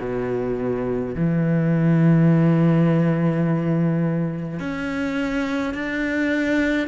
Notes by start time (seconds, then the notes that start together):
0.00 B2
1.15 E3
4.59 C#4
5.74 D4